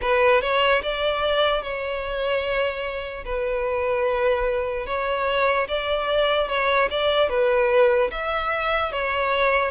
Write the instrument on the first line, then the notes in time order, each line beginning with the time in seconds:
violin
0.01 B4
0.41 C#5
0.83 D5
1.62 C#5
3.24 B4
4.86 C#5
5.68 D5
6.48 C#5
6.90 D5
7.29 B4
8.11 E5
8.92 C#5